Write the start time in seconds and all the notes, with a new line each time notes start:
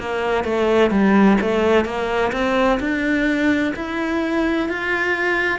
0.00 A#3
0.44 A3
0.91 G3
1.41 A3
1.85 A#3
2.32 C4
2.80 D4
3.76 E4
4.69 F4